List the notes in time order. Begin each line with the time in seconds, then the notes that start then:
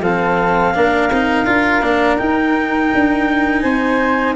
0.00 F3 C4 A4 F5
0.75 A#3 D4 A#4
1.11 C4 D#4
1.46 D4 F4
1.82 A#3 D4
2.17 D#4 G5
2.94 D4
3.62 C4 C5 G#5